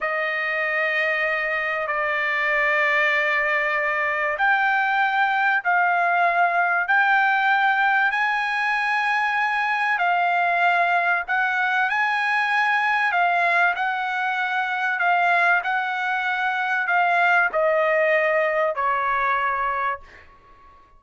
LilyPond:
\new Staff \with { instrumentName = "trumpet" } { \time 4/4 \tempo 4 = 96 dis''2. d''4~ | d''2. g''4~ | g''4 f''2 g''4~ | g''4 gis''2. |
f''2 fis''4 gis''4~ | gis''4 f''4 fis''2 | f''4 fis''2 f''4 | dis''2 cis''2 | }